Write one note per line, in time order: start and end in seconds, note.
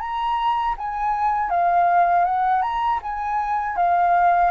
0.00 0.75 A#5
0.77 1.50 G#5
1.50 2.25 F5
2.25 2.62 F#5
2.62 3.00 A#5
3.02 3.76 G#5
3.76 4.51 F5